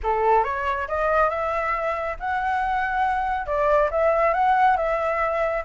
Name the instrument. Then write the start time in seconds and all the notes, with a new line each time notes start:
flute
0.03 A4
0.44 C#5
0.88 D#5
1.29 E5
2.19 F#5
3.46 D5
3.91 E5
4.33 F#5
4.76 E5